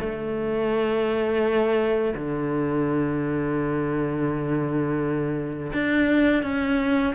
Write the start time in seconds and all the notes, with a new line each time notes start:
0.00 A3
2.15 D3
5.73 D4
6.43 C#4